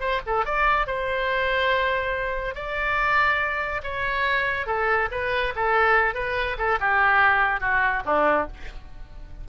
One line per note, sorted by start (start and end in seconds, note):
0.00 0.21 C5
0.27 0.46 A4
0.46 0.87 D5
0.87 2.55 C5
2.55 3.82 D5
3.83 4.67 C#5
4.67 5.09 A4
5.12 5.54 B4
5.56 6.15 A4
6.15 6.57 B4
6.58 6.79 A4
6.80 7.61 G4
7.61 8.03 F#4
8.05 8.48 D4